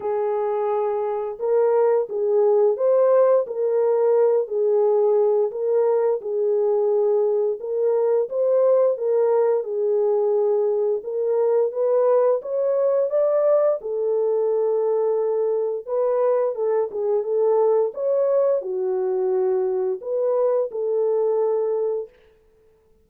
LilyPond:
\new Staff \with { instrumentName = "horn" } { \time 4/4 \tempo 4 = 87 gis'2 ais'4 gis'4 | c''4 ais'4. gis'4. | ais'4 gis'2 ais'4 | c''4 ais'4 gis'2 |
ais'4 b'4 cis''4 d''4 | a'2. b'4 | a'8 gis'8 a'4 cis''4 fis'4~ | fis'4 b'4 a'2 | }